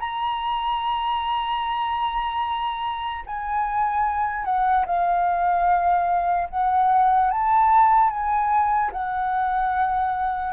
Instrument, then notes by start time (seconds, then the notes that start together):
flute
0.00 A#5
3.27 G#5
4.45 F#5
4.86 F5
6.50 F#5
7.31 A5
8.10 G#5
8.92 F#5